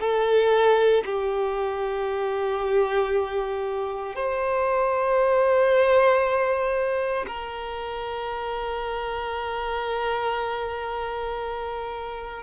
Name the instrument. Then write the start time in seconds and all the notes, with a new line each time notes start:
violin
0.00 A4
1.05 G4
4.15 C5
7.27 A#4